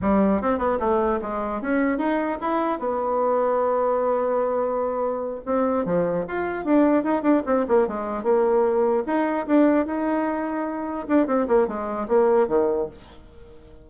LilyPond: \new Staff \with { instrumentName = "bassoon" } { \time 4/4 \tempo 4 = 149 g4 c'8 b8 a4 gis4 | cis'4 dis'4 e'4 b4~ | b1~ | b4. c'4 f4 f'8~ |
f'8 d'4 dis'8 d'8 c'8 ais8 gis8~ | gis8 ais2 dis'4 d'8~ | d'8 dis'2. d'8 | c'8 ais8 gis4 ais4 dis4 | }